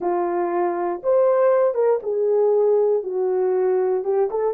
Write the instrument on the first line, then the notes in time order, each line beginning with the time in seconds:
horn
0.00 F4
1.03 C5
1.74 A#4
2.02 G#4
3.03 F#4
4.03 G4
4.30 A4